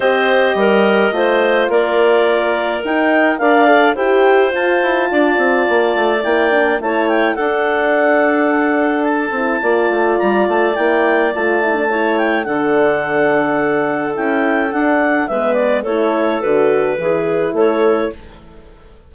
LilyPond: <<
  \new Staff \with { instrumentName = "clarinet" } { \time 4/4 \tempo 4 = 106 dis''2. d''4~ | d''4 g''4 f''4 g''4 | a''2. g''4 | a''8 g''8 fis''2. |
a''2 ais''8 a''8 g''4 | a''4. g''8 fis''2~ | fis''4 g''4 fis''4 e''8 d''8 | cis''4 b'2 cis''4 | }
  \new Staff \with { instrumentName = "clarinet" } { \time 4/4 c''4 ais'4 c''4 ais'4~ | ais'2 d''4 c''4~ | c''4 d''2. | cis''4 a'2.~ |
a'4 d''2.~ | d''4 cis''4 a'2~ | a'2. b'4 | a'2 gis'4 a'4 | }
  \new Staff \with { instrumentName = "horn" } { \time 4/4 g'2 f'2~ | f'4 dis'4 ais'8 a'8 g'4 | f'2. e'8 d'8 | e'4 d'2.~ |
d'8 e'8 f'2 e'4 | f'8 e'16 d'16 e'4 d'2~ | d'4 e'4 d'4 b4 | e'4 fis'4 e'2 | }
  \new Staff \with { instrumentName = "bassoon" } { \time 4/4 c'4 g4 a4 ais4~ | ais4 dis'4 d'4 e'4 | f'8 e'8 d'8 c'8 ais8 a8 ais4 | a4 d'2.~ |
d'8 c'8 ais8 a8 g8 a8 ais4 | a2 d2~ | d4 cis'4 d'4 gis4 | a4 d4 e4 a4 | }
>>